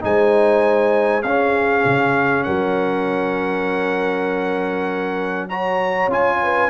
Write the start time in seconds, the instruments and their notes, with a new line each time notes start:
0.00 tuba G#3, trombone D#4, horn C5, trumpet G#5
1.22 tuba C#4, trombone C#4, horn G#4, trumpet F5
1.84 tuba C#3
2.43 tuba F#3, horn A#4, trumpet F#5
5.49 trombone F#4, horn C#5, trumpet A#5
6.07 tuba C#4, trombone F4, trumpet G#5
6.42 horn B4